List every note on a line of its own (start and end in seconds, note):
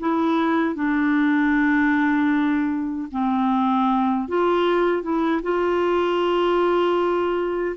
0.00 0.75 E4
0.75 3.09 D4
3.12 4.28 C4
4.28 5.03 F4
5.03 5.42 E4
5.43 7.76 F4